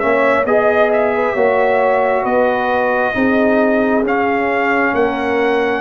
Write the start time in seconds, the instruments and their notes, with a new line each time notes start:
0.00 tuba A#3, trombone C#4, horn C#5, trumpet E5
0.45 tuba B3, trombone G#4, trumpet D#5, horn D#5
0.93 trumpet E5
1.15 horn B4
1.34 tuba A#3, trombone F#4, horn C#5
2.24 tuba B3, horn B4, trumpet D#5
3.14 tuba C4, trombone D#4, horn G#4
4.04 tuba C#4, trombone C#4, trumpet F5
4.94 tuba A#3, horn A#4, trumpet F#5